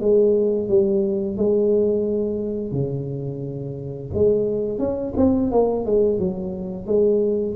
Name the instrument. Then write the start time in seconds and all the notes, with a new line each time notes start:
tuba
0.00 G#3
0.68 G3
1.37 G#3
2.72 C#3
4.14 G#3
4.79 C#4
5.17 C4
5.51 A#3
5.85 G#3
6.19 F#3
6.87 G#3